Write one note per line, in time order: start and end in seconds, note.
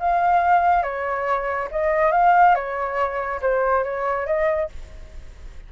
0.00 0.83 F5
0.83 1.69 C#5
1.72 2.12 D#5
2.12 2.55 F5
2.55 3.41 C#5
3.42 3.84 C5
3.84 4.27 C#5
4.27 4.69 D#5